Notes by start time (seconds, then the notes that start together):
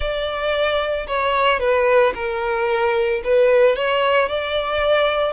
0.00 D5
1.07 C#5
1.59 B4
2.14 A#4
3.23 B4
3.75 C#5
4.29 D5